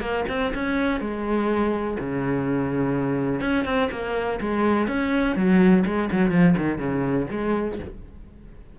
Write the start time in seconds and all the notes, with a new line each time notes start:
0.00 A#3
0.28 C4
0.54 C#4
1.00 G#3
1.99 C#3
3.40 C#4
3.65 C4
3.91 A#3
4.40 G#3
4.88 C#4
5.36 F#3
5.85 G#3
6.12 F#3
6.31 F3
6.57 D#3
6.78 C#3
7.31 G#3